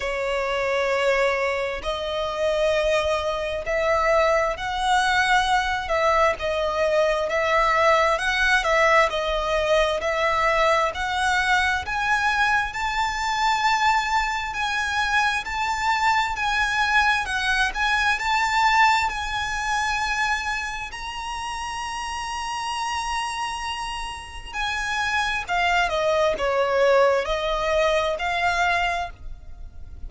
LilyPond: \new Staff \with { instrumentName = "violin" } { \time 4/4 \tempo 4 = 66 cis''2 dis''2 | e''4 fis''4. e''8 dis''4 | e''4 fis''8 e''8 dis''4 e''4 | fis''4 gis''4 a''2 |
gis''4 a''4 gis''4 fis''8 gis''8 | a''4 gis''2 ais''4~ | ais''2. gis''4 | f''8 dis''8 cis''4 dis''4 f''4 | }